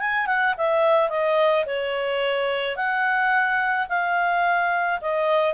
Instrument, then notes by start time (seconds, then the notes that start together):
clarinet
0.00 G#5
0.27 F#5
0.58 E5
1.10 D#5
1.66 C#5
2.76 F#5
3.89 F5
5.01 D#5